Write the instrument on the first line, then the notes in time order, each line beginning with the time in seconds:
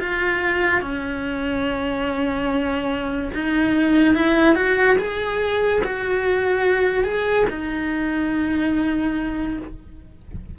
cello
0.00 F4
0.81 C#4
3.34 D#4
4.16 E4
4.56 F#4
4.99 G#4
5.84 F#4
7.05 G#4
7.50 D#4